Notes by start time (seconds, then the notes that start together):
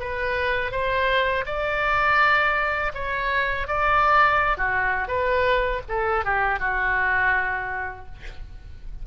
0.00 B4
0.72 C5
1.46 D5
2.94 C#5
3.68 D5
4.57 F#4
5.08 B4
5.89 A4
6.25 G4
6.60 F#4